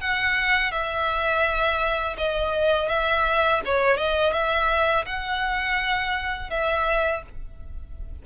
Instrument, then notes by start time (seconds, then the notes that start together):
violin
0.00 F#5
0.71 E5
2.17 D#5
2.88 E5
3.65 C#5
3.97 D#5
4.32 E5
5.05 F#5
6.50 E5